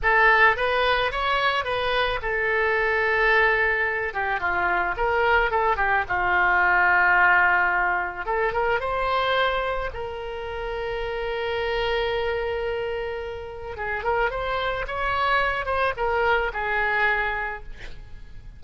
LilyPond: \new Staff \with { instrumentName = "oboe" } { \time 4/4 \tempo 4 = 109 a'4 b'4 cis''4 b'4 | a'2.~ a'8 g'8 | f'4 ais'4 a'8 g'8 f'4~ | f'2. a'8 ais'8 |
c''2 ais'2~ | ais'1~ | ais'4 gis'8 ais'8 c''4 cis''4~ | cis''8 c''8 ais'4 gis'2 | }